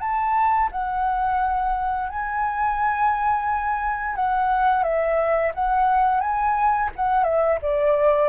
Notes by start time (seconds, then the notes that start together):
0.00 A5
0.72 F#5
2.09 G#5
4.16 F#5
4.83 E5
5.54 F#5
6.20 G#5
6.96 F#5
7.24 E5
7.62 D5